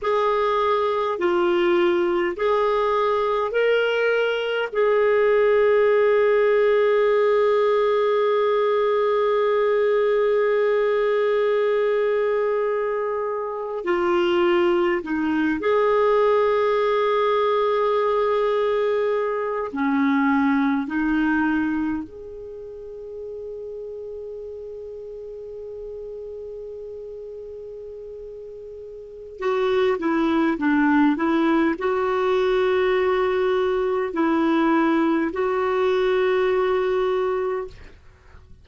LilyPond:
\new Staff \with { instrumentName = "clarinet" } { \time 4/4 \tempo 4 = 51 gis'4 f'4 gis'4 ais'4 | gis'1~ | gis'2.~ gis'8. f'16~ | f'8. dis'8 gis'2~ gis'8.~ |
gis'8. cis'4 dis'4 gis'4~ gis'16~ | gis'1~ | gis'4 fis'8 e'8 d'8 e'8 fis'4~ | fis'4 e'4 fis'2 | }